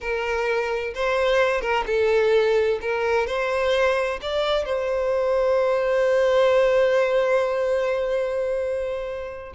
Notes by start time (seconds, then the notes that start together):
0.00 A#4
0.94 C5
1.61 A#4
1.86 A4
2.81 A#4
3.26 C5
4.21 D5
4.65 C5